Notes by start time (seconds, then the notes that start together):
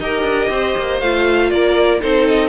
0.00 D#4 G4 A#4 D#5
0.23 D4
0.49 C4 C5
0.77 A#3
1.00 A3 F4 F5
1.50 A#3 A#4 D5
2.00 C4 D#4 A4 C5
2.28 D#5